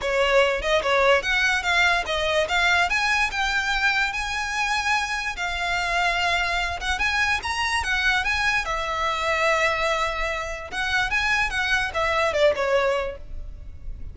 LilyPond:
\new Staff \with { instrumentName = "violin" } { \time 4/4 \tempo 4 = 146 cis''4. dis''8 cis''4 fis''4 | f''4 dis''4 f''4 gis''4 | g''2 gis''2~ | gis''4 f''2.~ |
f''8 fis''8 gis''4 ais''4 fis''4 | gis''4 e''2.~ | e''2 fis''4 gis''4 | fis''4 e''4 d''8 cis''4. | }